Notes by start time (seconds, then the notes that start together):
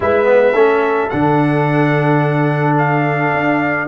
0.00 G#3 E4 B4 E5
0.25 B3
0.53 A3 C#4 A4
1.09 D3 D4 F#5
2.77 F5
3.33 D4